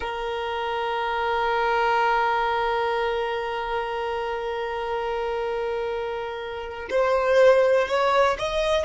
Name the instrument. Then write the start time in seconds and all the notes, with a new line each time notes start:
violin
0.00 A#4
6.90 C5
7.87 C#5
8.38 D#5